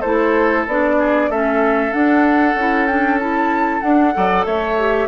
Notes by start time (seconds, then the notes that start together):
0.00 A3 E4 A4 C5
0.67 B3 D4 D5
0.99 G#4
1.29 A3 C#4 A4 E5
1.91 D4 F#5
2.54 C#4 E4
2.86 D4 G5
3.19 E4 A5
3.81 D4 F#5
4.13 F#3 A4 D5
4.45 A3 C#5 E5
4.78 G4